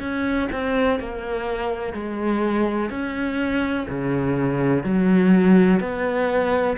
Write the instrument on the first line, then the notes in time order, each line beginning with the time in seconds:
cello
0.00 C#4
0.52 C4
1.00 A#3
1.94 G#3
2.90 C#4
3.89 C#3
4.84 F#3
5.80 B3